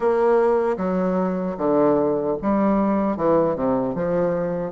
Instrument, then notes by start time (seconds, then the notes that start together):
bassoon
0.00 A#3
0.77 F#3
1.57 D3
2.42 G3
3.17 E3
3.55 C3
3.94 F3